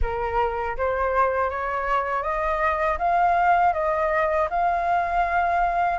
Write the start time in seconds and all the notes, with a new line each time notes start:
0.02 A#4
0.77 C5
1.50 C#5
2.23 D#5
2.98 F5
3.73 D#5
4.50 F5